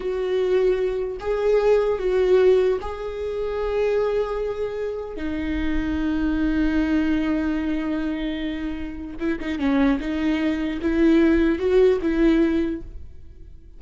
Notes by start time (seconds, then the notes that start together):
0.00 F#4
1.19 G#4
1.99 F#4
2.81 G#4
5.16 D#4
9.19 E4
9.39 D#4
9.58 C#4
10.00 D#4
10.81 E4
11.59 F#4
12.01 E4